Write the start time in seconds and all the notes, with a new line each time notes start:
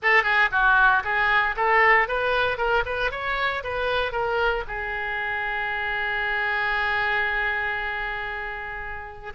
0.02 A4
0.23 G#4
0.51 F#4
1.04 G#4
1.56 A4
2.07 B4
2.57 A#4
2.85 B4
3.11 C#5
3.63 B4
4.12 A#4
4.67 G#4